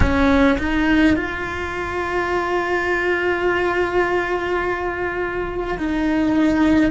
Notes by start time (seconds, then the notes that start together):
0.00 C#4
0.58 D#4
1.15 F4
5.77 D#4